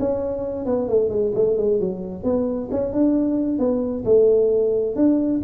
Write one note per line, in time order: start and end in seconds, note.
0.00 0.66 C#4
0.66 0.89 B3
0.89 1.10 A3
1.10 1.32 G#3
1.36 1.58 A3
1.58 1.80 G#3
1.80 2.24 F#3
2.24 2.69 B3
2.71 2.93 C#4
2.93 3.59 D4
3.59 4.05 B3
4.05 4.96 A3
4.96 5.42 D4